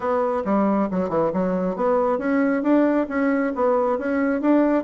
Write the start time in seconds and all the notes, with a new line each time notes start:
0.00 B3
0.44 G3
0.90 F#3
1.09 E3
1.33 F#3
1.76 B3
2.18 C#4
2.62 D4
3.08 C#4
3.55 B3
3.98 C#4
4.41 D4